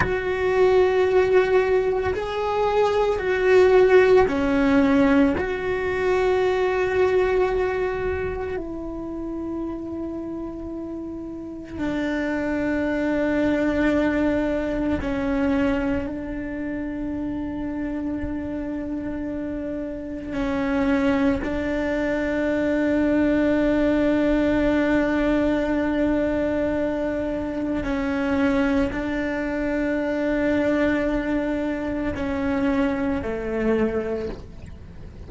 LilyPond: \new Staff \with { instrumentName = "cello" } { \time 4/4 \tempo 4 = 56 fis'2 gis'4 fis'4 | cis'4 fis'2. | e'2. d'4~ | d'2 cis'4 d'4~ |
d'2. cis'4 | d'1~ | d'2 cis'4 d'4~ | d'2 cis'4 a4 | }